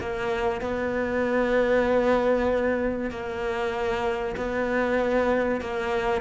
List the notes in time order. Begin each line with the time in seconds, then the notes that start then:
0.00 A#3
0.61 B3
3.10 A#3
4.36 B3
5.61 A#3